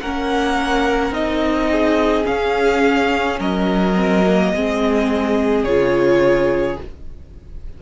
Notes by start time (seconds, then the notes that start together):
0.00 A#3 C#4 A#4 F#5
1.10 C4 D#4 D#5
1.71 G#4
2.24 C#4 F5
3.39 F#3 A#4 D#5
3.95 C4
4.27 A#3
4.54 G#3 C4 G#4
5.63 C#3 F4 C#5